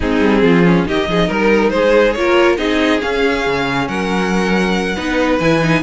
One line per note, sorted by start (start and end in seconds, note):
0.00 0.20 G#3
0.00 0.65 C4
0.00 0.43 D#4
0.00 0.87 G#4
0.20 0.42 G3
0.42 0.85 F3
0.42 0.87 F4
0.65 0.86 C#4
0.86 1.07 D#3
0.86 2.16 D#4
0.86 1.09 G4
0.86 1.31 D#5
1.08 1.29 F3
1.08 1.27 G#4
1.27 1.72 G3
1.27 1.70 A#4
1.27 1.69 A#4
1.69 2.15 G#3
1.69 2.12 C5
1.75 2.19 G#4
2.12 2.58 A#3
2.12 2.57 F4
2.12 2.56 C#5
2.19 2.58 A#4
2.57 3.01 C4
2.57 3.00 D#4
2.57 3.88 G#4
2.57 3.00 D#5
3.00 4.94 C#4
3.00 3.46 C#4
3.00 3.88 F5
3.46 3.87 C#3
3.87 4.95 F#3
3.87 4.95 A#4
3.87 5.39 F#5
4.95 5.39 B3
4.95 5.40 D#4
4.95 5.81 B4
5.39 5.82 E3
5.39 5.62 E4
5.39 5.82 G#5
5.62 5.82 D#4